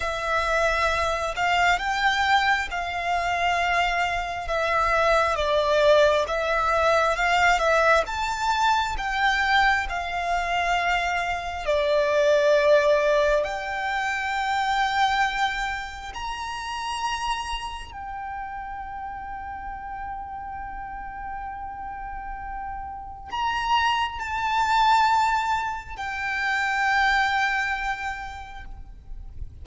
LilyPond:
\new Staff \with { instrumentName = "violin" } { \time 4/4 \tempo 4 = 67 e''4. f''8 g''4 f''4~ | f''4 e''4 d''4 e''4 | f''8 e''8 a''4 g''4 f''4~ | f''4 d''2 g''4~ |
g''2 ais''2 | g''1~ | g''2 ais''4 a''4~ | a''4 g''2. | }